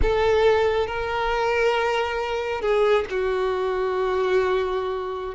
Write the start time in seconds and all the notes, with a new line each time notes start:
0.01 A4
0.87 A#4
2.61 G#4
3.10 F#4